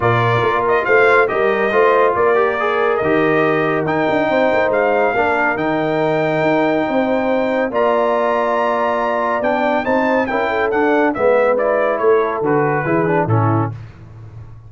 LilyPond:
<<
  \new Staff \with { instrumentName = "trumpet" } { \time 4/4 \tempo 4 = 140 d''4. dis''8 f''4 dis''4~ | dis''4 d''2 dis''4~ | dis''4 g''2 f''4~ | f''4 g''2.~ |
g''2 ais''2~ | ais''2 g''4 a''4 | g''4 fis''4 e''4 d''4 | cis''4 b'2 a'4 | }
  \new Staff \with { instrumentName = "horn" } { \time 4/4 ais'2 c''4 ais'4 | c''4 ais'2.~ | ais'2 c''2 | ais'1 |
c''2 d''2~ | d''2. c''4 | ais'8 a'4. b'2 | a'2 gis'4 e'4 | }
  \new Staff \with { instrumentName = "trombone" } { \time 4/4 f'2. g'4 | f'4. g'8 gis'4 g'4~ | g'4 dis'2. | d'4 dis'2.~ |
dis'2 f'2~ | f'2 d'4 dis'4 | e'4 d'4 b4 e'4~ | e'4 fis'4 e'8 d'8 cis'4 | }
  \new Staff \with { instrumentName = "tuba" } { \time 4/4 ais,4 ais4 a4 g4 | a4 ais2 dis4~ | dis4 dis'8 d'8 c'8 ais8 gis4 | ais4 dis2 dis'4 |
c'2 ais2~ | ais2 b4 c'4 | cis'4 d'4 gis2 | a4 d4 e4 a,4 | }
>>